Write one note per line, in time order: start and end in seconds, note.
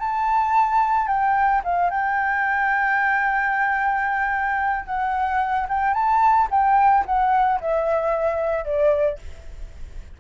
0.00 1.08 A5
1.08 1.62 G5
1.64 1.91 F5
1.91 4.86 G5
4.86 5.67 F#5
5.69 5.94 G5
5.94 6.48 A5
6.51 7.05 G5
7.06 7.60 F#5
7.61 8.65 E5
8.65 9.19 D5